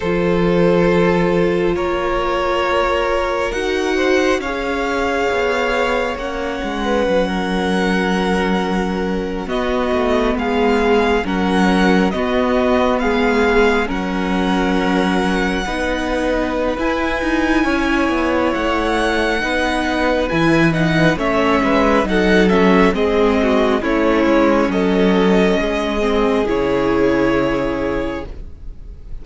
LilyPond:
<<
  \new Staff \with { instrumentName = "violin" } { \time 4/4 \tempo 4 = 68 c''2 cis''2 | fis''4 f''2 fis''4~ | fis''2~ fis''8. dis''4 f''16~ | f''8. fis''4 dis''4 f''4 fis''16~ |
fis''2. gis''4~ | gis''4 fis''2 gis''8 fis''8 | e''4 fis''8 e''8 dis''4 cis''4 | dis''2 cis''2 | }
  \new Staff \with { instrumentName = "violin" } { \time 4/4 a'2 ais'2~ | ais'8 c''8 cis''2~ cis''8. b'16~ | b'16 ais'2~ ais'8 fis'4 gis'16~ | gis'8. ais'4 fis'4 gis'4 ais'16~ |
ais'4.~ ais'16 b'2~ b'16 | cis''2 b'2 | cis''8 b'8 a'4 gis'8 fis'8 e'4 | a'4 gis'2. | }
  \new Staff \with { instrumentName = "viola" } { \time 4/4 f'1 | fis'4 gis'2 cis'4~ | cis'2~ cis'8. b4~ b16~ | b8. cis'4 b2 cis'16~ |
cis'4.~ cis'16 dis'4~ dis'16 e'4~ | e'2 dis'4 e'8 dis'8 | cis'4 dis'8 cis'8 c'4 cis'4~ | cis'4. c'8 e'2 | }
  \new Staff \with { instrumentName = "cello" } { \time 4/4 f2 ais2 | dis'4 cis'4 b4 ais8 gis8 | fis2~ fis8. b8 a8 gis16~ | gis8. fis4 b4 gis4 fis16~ |
fis4.~ fis16 b4~ b16 e'8 dis'8 | cis'8 b8 a4 b4 e4 | a8 gis8 fis4 gis4 a8 gis8 | fis4 gis4 cis2 | }
>>